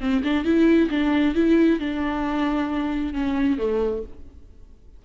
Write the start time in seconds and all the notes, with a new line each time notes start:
0.00 C4
0.24 D4
0.44 E4
0.90 D4
1.35 E4
1.80 D4
3.13 C#4
3.58 A3